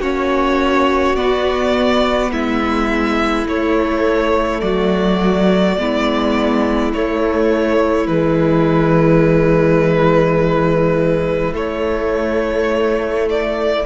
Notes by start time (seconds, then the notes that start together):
0.00 A#3 C#4 F#4 C#5
1.16 B3 D5
2.31 G#3 E4 E5
3.46 A3 C#5
4.61 F#3 F#4 D5
5.78 G#3 B3 E4
6.94 A3 C#5
8.07 E3 G#3 B4
11.54 A3 C#5
13.30 D5